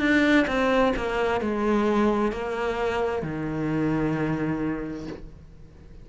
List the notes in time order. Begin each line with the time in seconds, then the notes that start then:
0.00 D4
0.47 C4
0.97 A#3
1.41 G#3
2.32 A#3
3.23 D#3